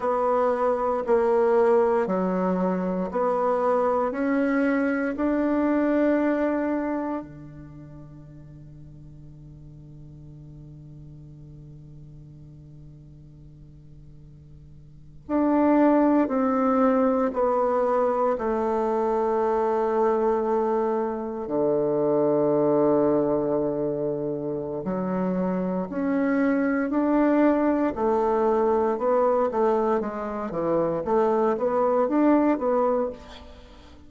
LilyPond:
\new Staff \with { instrumentName = "bassoon" } { \time 4/4 \tempo 4 = 58 b4 ais4 fis4 b4 | cis'4 d'2 d4~ | d1~ | d2~ d8. d'4 c'16~ |
c'8. b4 a2~ a16~ | a8. d2.~ d16 | fis4 cis'4 d'4 a4 | b8 a8 gis8 e8 a8 b8 d'8 b8 | }